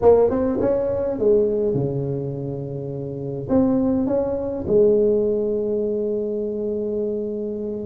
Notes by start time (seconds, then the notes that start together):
0.01 A#3
0.30 C4
0.60 C#4
1.18 G#3
1.73 C#3
3.49 C4
4.06 C#4
4.67 G#3